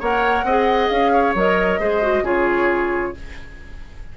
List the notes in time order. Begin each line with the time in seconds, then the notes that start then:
0.00 A#3 A#4 C#5 F#5
0.44 C4 G#4 D#5
0.89 C#4 F5
1.12 C#5
1.35 F#3 A#4 D#5
1.80 G#3 G#4 C5
2.02 F#4
2.22 C#3 F4 G#4 C#5